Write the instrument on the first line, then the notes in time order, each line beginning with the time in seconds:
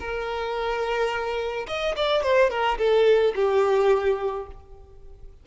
violin
0.00 A#4
1.67 D#5
1.96 D5
2.23 C5
2.50 A#4
2.79 A4
3.35 G4